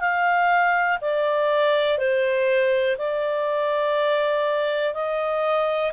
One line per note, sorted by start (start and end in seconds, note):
0.00 0.98 F5
1.01 1.98 D5
1.98 2.96 C5
2.98 4.94 D5
4.94 5.92 D#5